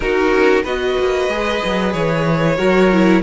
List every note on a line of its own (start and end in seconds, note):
0.00 0.31 D#4
0.00 0.65 D#4
0.00 0.63 F#4
0.00 0.63 A#4
0.31 0.64 C#4
0.63 0.96 B3
0.63 1.30 F#4
0.63 2.56 B4
0.63 1.93 D#5
0.98 1.28 A#3
1.28 1.60 G#3
1.28 2.57 G#4
1.64 1.93 F#3
1.93 2.58 E3
1.93 3.22 C#5
2.57 3.22 F#3
2.57 2.90 F#4
2.57 3.22 A#4
2.92 3.22 E4